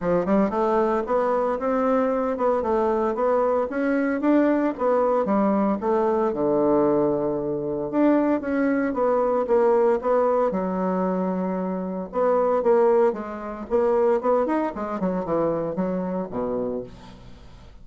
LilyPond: \new Staff \with { instrumentName = "bassoon" } { \time 4/4 \tempo 4 = 114 f8 g8 a4 b4 c'4~ | c'8 b8 a4 b4 cis'4 | d'4 b4 g4 a4 | d2. d'4 |
cis'4 b4 ais4 b4 | fis2. b4 | ais4 gis4 ais4 b8 dis'8 | gis8 fis8 e4 fis4 b,4 | }